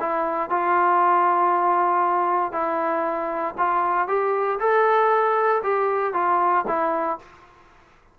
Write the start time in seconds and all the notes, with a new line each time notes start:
0.00 E4
0.50 F4
2.52 E4
3.58 F4
4.08 G4
4.60 A4
5.63 G4
6.14 F4
6.67 E4